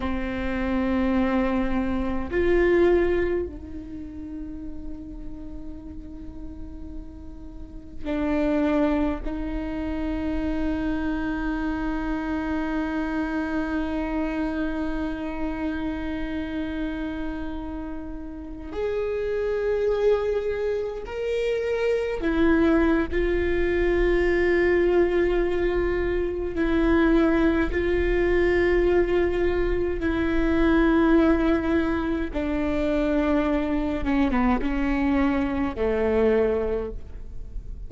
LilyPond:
\new Staff \with { instrumentName = "viola" } { \time 4/4 \tempo 4 = 52 c'2 f'4 dis'4~ | dis'2. d'4 | dis'1~ | dis'1~ |
dis'16 gis'2 ais'4 e'8. | f'2. e'4 | f'2 e'2 | d'4. cis'16 b16 cis'4 a4 | }